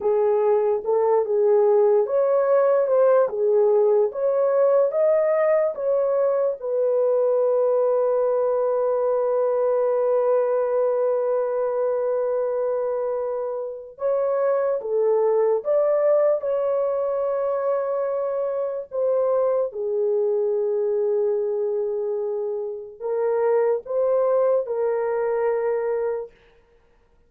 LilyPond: \new Staff \with { instrumentName = "horn" } { \time 4/4 \tempo 4 = 73 gis'4 a'8 gis'4 cis''4 c''8 | gis'4 cis''4 dis''4 cis''4 | b'1~ | b'1~ |
b'4 cis''4 a'4 d''4 | cis''2. c''4 | gis'1 | ais'4 c''4 ais'2 | }